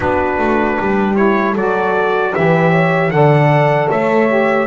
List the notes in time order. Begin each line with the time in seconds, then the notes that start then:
0.00 B3 D4 F#4 B4
0.38 A3
0.78 G3 G4
1.15 E4 C#5
1.52 F#3 F#4 A4 D5
2.34 E3 G4 B4 E5
2.70 C#5
3.10 D3 A4 D5 F#5
3.90 A3 C#5 E5
4.27 G4